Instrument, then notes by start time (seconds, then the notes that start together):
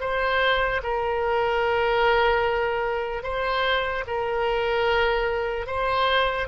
oboe
0.00 C5
0.83 A#4
3.23 C5
4.07 A#4
5.67 C5